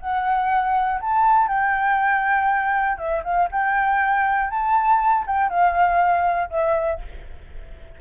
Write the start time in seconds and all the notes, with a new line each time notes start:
0.00 F#5
1.00 A5
1.48 G5
2.98 E5
3.24 F5
3.51 G5
4.50 A5
5.27 G5
5.49 F5
6.50 E5